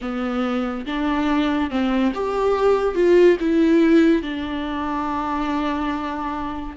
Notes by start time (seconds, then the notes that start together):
0.01 B3
0.86 D4
1.70 C4
2.14 G4
2.95 F4
3.40 E4
4.22 D4